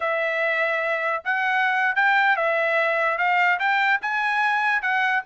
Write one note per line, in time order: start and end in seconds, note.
0.00 1.23 E5
1.24 1.95 F#5
1.95 2.36 G5
2.36 3.18 E5
3.18 3.59 F5
3.59 4.00 G5
4.01 4.81 G#5
4.81 5.22 F#5